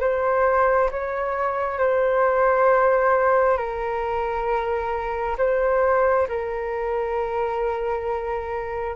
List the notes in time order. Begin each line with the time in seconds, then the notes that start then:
0.00 C5
0.91 C#5
1.78 C5
3.57 A#4
5.38 C5
6.28 A#4